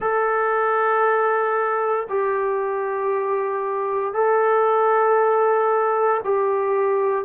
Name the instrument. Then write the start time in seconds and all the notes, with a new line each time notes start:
trombone
0.00 A4
2.09 G4
4.13 A4
6.24 G4